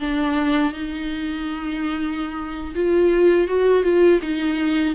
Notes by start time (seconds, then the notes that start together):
0.00 D4
0.74 D#4
2.75 F4
3.48 F#4
3.83 F4
4.22 D#4